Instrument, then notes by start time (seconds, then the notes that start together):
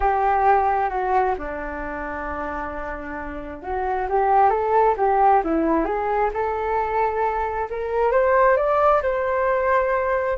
flute
0.00 G4
0.89 F#4
1.38 D4
3.62 F#4
4.09 G4
4.50 A4
4.97 G4
5.44 E4
5.84 G#4
6.33 A4
7.70 A#4
8.11 C5
8.56 D5
9.02 C5